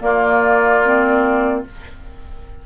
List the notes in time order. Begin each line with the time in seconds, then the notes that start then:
0.00 A#3 F4 D5
0.84 C4